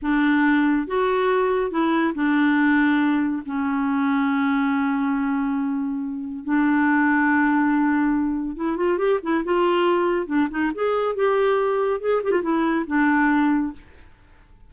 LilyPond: \new Staff \with { instrumentName = "clarinet" } { \time 4/4 \tempo 4 = 140 d'2 fis'2 | e'4 d'2. | cis'1~ | cis'2. d'4~ |
d'1 | e'8 f'8 g'8 e'8 f'2 | d'8 dis'8 gis'4 g'2 | gis'8 g'16 f'16 e'4 d'2 | }